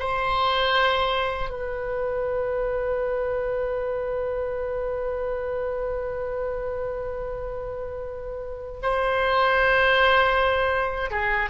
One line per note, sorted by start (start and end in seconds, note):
0.00 1.50 C5
1.50 8.81 B4
8.83 11.11 C5
11.11 11.50 G#4